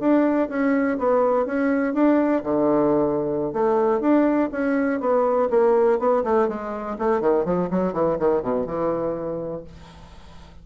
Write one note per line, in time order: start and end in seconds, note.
0.00 0.49 D4
0.49 0.98 C#4
0.98 1.46 B3
1.46 1.94 C#4
1.94 2.43 D4
2.43 3.53 D3
3.53 4.01 A3
4.01 4.50 D4
4.52 5.00 C#4
5.00 5.49 B3
5.50 5.99 A#3
5.99 6.24 B3
6.24 6.48 A3
6.48 6.97 G#3
6.99 7.21 A3
7.21 7.45 D#3
7.45 7.69 F3
7.71 7.93 F#3
7.93 8.17 E3
8.19 8.42 D#3
8.42 8.66 B2
8.66 9.64 E3